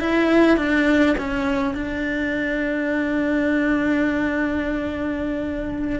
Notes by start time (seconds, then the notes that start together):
0.00 E4
0.57 D4
1.17 C#4
1.74 D4